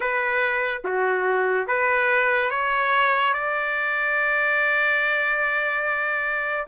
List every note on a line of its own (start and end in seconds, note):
0.00 0.82 B4
0.84 1.67 F#4
1.67 2.50 B4
2.50 3.33 C#5
3.33 6.67 D5